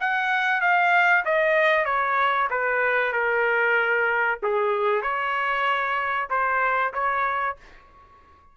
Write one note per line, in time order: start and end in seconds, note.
0.00 0.61 F#5
0.61 1.24 F5
1.25 1.85 D#5
1.85 2.48 C#5
2.50 3.12 B4
3.12 4.39 A#4
4.42 5.02 G#4
5.02 6.28 C#5
6.30 6.93 C5
6.93 7.56 C#5